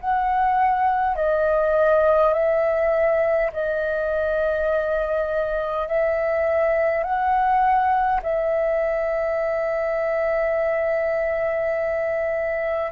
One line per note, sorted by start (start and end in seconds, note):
0.00 1.16 F#5
1.16 2.33 D#5
2.33 3.51 E5
3.52 5.87 D#5
5.87 7.03 E5
7.03 8.21 F#5
8.22 12.91 E5